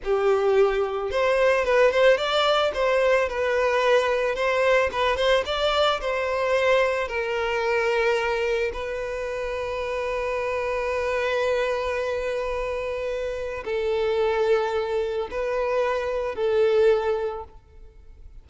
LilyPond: \new Staff \with { instrumentName = "violin" } { \time 4/4 \tempo 4 = 110 g'2 c''4 b'8 c''8 | d''4 c''4 b'2 | c''4 b'8 c''8 d''4 c''4~ | c''4 ais'2. |
b'1~ | b'1~ | b'4 a'2. | b'2 a'2 | }